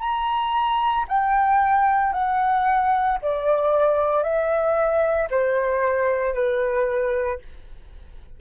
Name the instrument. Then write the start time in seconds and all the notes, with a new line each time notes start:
flute
0.00 A#5
1.08 G5
2.13 F#5
3.22 D5
4.23 E5
5.31 C5
6.34 B4